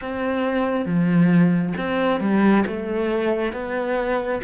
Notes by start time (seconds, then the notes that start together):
0.01 C4
0.85 F3
1.77 C4
2.20 G3
2.66 A3
3.53 B3